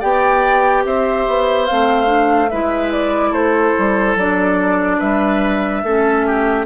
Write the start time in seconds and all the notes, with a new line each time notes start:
0.00 B3 G4 D5 G5
0.85 C4 C5 E5
1.28 B3
1.67 A3 C4 F5
2.06 D4
2.50 G#3 E4 B4 E5
2.92 D5
3.31 A3 A4 C5
3.78 G3
4.16 F#3 D4 D5
4.99 G3 B4 E5
5.83 A3 C#4 A4
6.26 G4